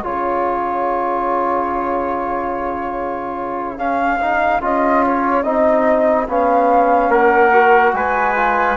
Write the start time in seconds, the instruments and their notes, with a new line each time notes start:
0.00 bassoon C#3, trombone F4, trumpet G#4, flute C#5
3.78 trombone C#4, flute F5
4.21 trombone D#4
4.61 bassoon C#4, trombone F4, flute D#5
5.06 flute C#5
5.43 bassoon C4, trombone D#4, flute D#5
6.28 bassoon B3, trombone C#4, flute F5
7.09 bassoon A#3, trumpet A#4, flute F#5
7.53 trombone F#4
7.93 bassoon G#3, trumpet B4, flute G#5
8.36 trombone F4